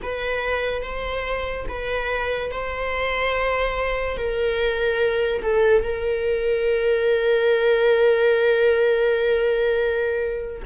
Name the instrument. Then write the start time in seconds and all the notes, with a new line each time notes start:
viola
0.02 B4
0.82 C5
1.68 B4
2.51 C5
4.17 A#4
5.42 A4
5.83 A#4